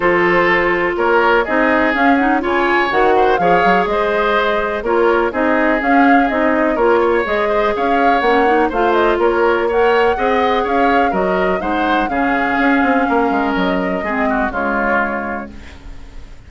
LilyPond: <<
  \new Staff \with { instrumentName = "flute" } { \time 4/4 \tempo 4 = 124 c''2 cis''4 dis''4 | f''8 fis''8 gis''4 fis''4 f''4 | dis''2 cis''4 dis''4 | f''4 dis''4 cis''4 dis''4 |
f''4 fis''4 f''8 dis''8 cis''4 | fis''2 f''4 dis''4 | fis''4 f''2. | dis''2 cis''2 | }
  \new Staff \with { instrumentName = "oboe" } { \time 4/4 a'2 ais'4 gis'4~ | gis'4 cis''4. c''8 cis''4 | c''2 ais'4 gis'4~ | gis'2 ais'8 cis''4 c''8 |
cis''2 c''4 ais'4 | cis''4 dis''4 cis''4 ais'4 | c''4 gis'2 ais'4~ | ais'4 gis'8 fis'8 f'2 | }
  \new Staff \with { instrumentName = "clarinet" } { \time 4/4 f'2. dis'4 | cis'8 dis'8 f'4 fis'4 gis'4~ | gis'2 f'4 dis'4 | cis'4 dis'4 f'4 gis'4~ |
gis'4 cis'8 dis'8 f'2 | ais'4 gis'2 fis'4 | dis'4 cis'2.~ | cis'4 c'4 gis2 | }
  \new Staff \with { instrumentName = "bassoon" } { \time 4/4 f2 ais4 c'4 | cis'4 cis4 dis4 f8 fis8 | gis2 ais4 c'4 | cis'4 c'4 ais4 gis4 |
cis'4 ais4 a4 ais4~ | ais4 c'4 cis'4 fis4 | gis4 cis4 cis'8 c'8 ais8 gis8 | fis4 gis4 cis2 | }
>>